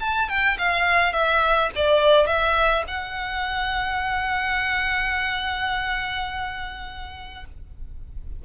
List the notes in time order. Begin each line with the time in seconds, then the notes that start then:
0.00 A5
0.29 G5
0.58 F5
1.13 E5
1.76 D5
2.27 E5
2.88 F#5